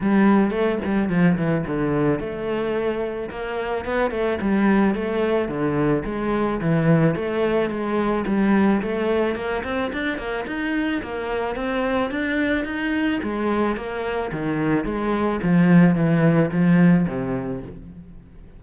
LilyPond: \new Staff \with { instrumentName = "cello" } { \time 4/4 \tempo 4 = 109 g4 a8 g8 f8 e8 d4 | a2 ais4 b8 a8 | g4 a4 d4 gis4 | e4 a4 gis4 g4 |
a4 ais8 c'8 d'8 ais8 dis'4 | ais4 c'4 d'4 dis'4 | gis4 ais4 dis4 gis4 | f4 e4 f4 c4 | }